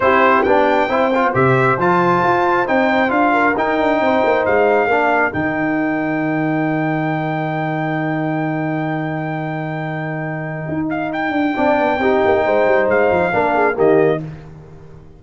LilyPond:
<<
  \new Staff \with { instrumentName = "trumpet" } { \time 4/4 \tempo 4 = 135 c''4 g''2 e''4 | a''2 g''4 f''4 | g''2 f''2 | g''1~ |
g''1~ | g''1~ | g''8 f''8 g''2.~ | g''4 f''2 dis''4 | }
  \new Staff \with { instrumentName = "horn" } { \time 4/4 g'2 c''2~ | c''2.~ c''8 ais'8~ | ais'4 c''2 ais'4~ | ais'1~ |
ais'1~ | ais'1~ | ais'2 d''4 g'4 | c''2 ais'8 gis'8 g'4 | }
  \new Staff \with { instrumentName = "trombone" } { \time 4/4 e'4 d'4 e'8 f'8 g'4 | f'2 dis'4 f'4 | dis'2. d'4 | dis'1~ |
dis'1~ | dis'1~ | dis'2 d'4 dis'4~ | dis'2 d'4 ais4 | }
  \new Staff \with { instrumentName = "tuba" } { \time 4/4 c'4 b4 c'4 c4 | f4 f'4 c'4 d'4 | dis'8 d'8 c'8 ais8 gis4 ais4 | dis1~ |
dis1~ | dis1 | dis'4. d'8 c'8 b8 c'8 ais8 | gis8 g8 gis8 f8 ais4 dis4 | }
>>